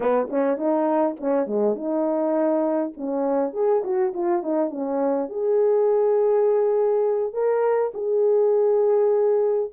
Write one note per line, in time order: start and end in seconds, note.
0.00 0.28 B3
0.30 0.57 C#4
0.57 1.16 D#4
1.20 1.46 C#4
1.46 1.75 G#3
1.75 2.93 D#4
2.97 3.53 C#4
3.53 3.82 G#4
3.84 4.13 F#4
4.13 4.42 F4
4.42 4.70 D#4
4.70 5.29 C#4
5.29 7.33 G#4
7.33 7.91 A#4
7.94 9.70 G#4